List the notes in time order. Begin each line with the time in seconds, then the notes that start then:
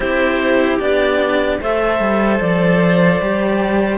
0.00 C4 E4 G4 C5
0.79 B3 D4 D5
1.60 A3 A4 C5 E5
1.99 G3
2.40 F3 D5
3.20 G3 G4